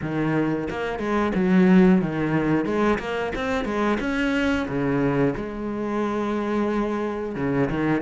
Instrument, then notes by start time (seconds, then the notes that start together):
cello
0.02 D#3
0.69 A#3
0.99 G#3
1.35 F#3
2.01 D#3
2.65 G#3
2.98 A#3
3.35 C4
3.64 G#3
4.00 C#4
4.68 C#3
5.36 G#3
7.35 C#3
7.69 D#3